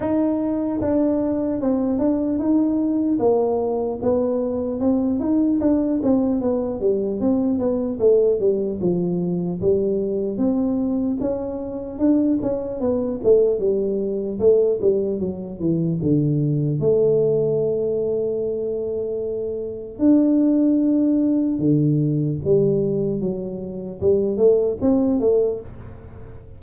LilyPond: \new Staff \with { instrumentName = "tuba" } { \time 4/4 \tempo 4 = 75 dis'4 d'4 c'8 d'8 dis'4 | ais4 b4 c'8 dis'8 d'8 c'8 | b8 g8 c'8 b8 a8 g8 f4 | g4 c'4 cis'4 d'8 cis'8 |
b8 a8 g4 a8 g8 fis8 e8 | d4 a2.~ | a4 d'2 d4 | g4 fis4 g8 a8 c'8 a8 | }